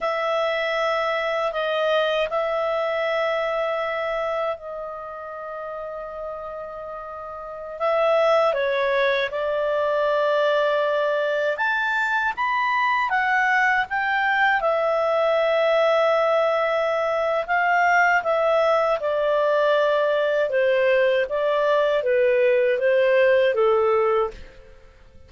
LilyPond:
\new Staff \with { instrumentName = "clarinet" } { \time 4/4 \tempo 4 = 79 e''2 dis''4 e''4~ | e''2 dis''2~ | dis''2~ dis''16 e''4 cis''8.~ | cis''16 d''2. a''8.~ |
a''16 b''4 fis''4 g''4 e''8.~ | e''2. f''4 | e''4 d''2 c''4 | d''4 b'4 c''4 a'4 | }